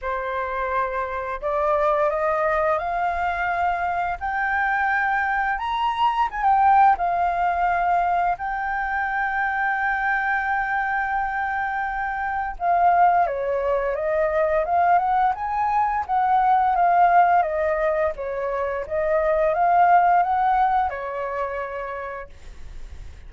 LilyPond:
\new Staff \with { instrumentName = "flute" } { \time 4/4 \tempo 4 = 86 c''2 d''4 dis''4 | f''2 g''2 | ais''4 gis''16 g''8. f''2 | g''1~ |
g''2 f''4 cis''4 | dis''4 f''8 fis''8 gis''4 fis''4 | f''4 dis''4 cis''4 dis''4 | f''4 fis''4 cis''2 | }